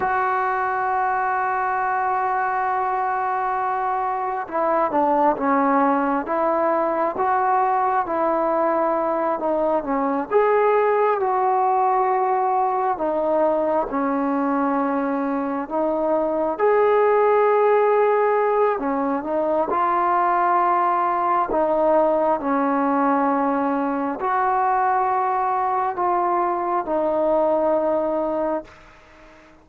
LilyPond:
\new Staff \with { instrumentName = "trombone" } { \time 4/4 \tempo 4 = 67 fis'1~ | fis'4 e'8 d'8 cis'4 e'4 | fis'4 e'4. dis'8 cis'8 gis'8~ | gis'8 fis'2 dis'4 cis'8~ |
cis'4. dis'4 gis'4.~ | gis'4 cis'8 dis'8 f'2 | dis'4 cis'2 fis'4~ | fis'4 f'4 dis'2 | }